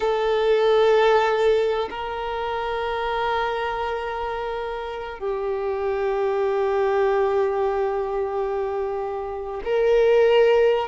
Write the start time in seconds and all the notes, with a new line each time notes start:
0.00 A4
1.89 A#4
5.19 G4
9.64 A#4